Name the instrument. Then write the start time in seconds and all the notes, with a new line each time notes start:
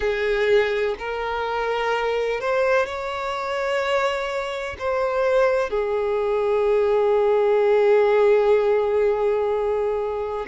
violin
0.00 G#4
0.98 A#4
2.40 C5
2.86 C#5
4.78 C5
5.69 G#4